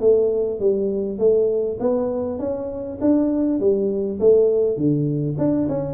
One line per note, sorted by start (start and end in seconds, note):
0.00 0.59 A3
0.59 1.19 G3
1.19 1.78 A3
1.80 2.39 B3
2.39 2.98 C#4
3.01 3.59 D4
3.59 4.19 G3
4.20 4.77 A3
4.77 5.36 D3
5.38 5.68 D4
5.68 5.94 C#4